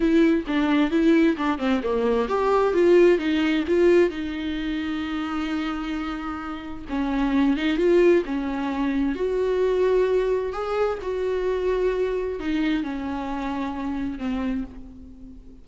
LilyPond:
\new Staff \with { instrumentName = "viola" } { \time 4/4 \tempo 4 = 131 e'4 d'4 e'4 d'8 c'8 | ais4 g'4 f'4 dis'4 | f'4 dis'2.~ | dis'2. cis'4~ |
cis'8 dis'8 f'4 cis'2 | fis'2. gis'4 | fis'2. dis'4 | cis'2. c'4 | }